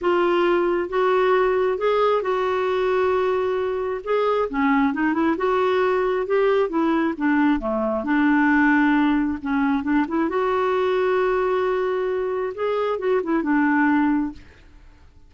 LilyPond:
\new Staff \with { instrumentName = "clarinet" } { \time 4/4 \tempo 4 = 134 f'2 fis'2 | gis'4 fis'2.~ | fis'4 gis'4 cis'4 dis'8 e'8 | fis'2 g'4 e'4 |
d'4 a4 d'2~ | d'4 cis'4 d'8 e'8 fis'4~ | fis'1 | gis'4 fis'8 e'8 d'2 | }